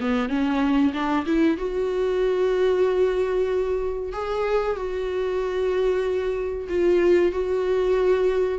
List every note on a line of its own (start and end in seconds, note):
0.00 0.28 B3
0.28 0.92 C#4
0.93 1.25 D4
1.26 1.57 E4
1.57 4.12 F#4
4.12 4.76 G#4
4.76 6.67 F#4
6.68 7.32 F4
7.32 8.59 F#4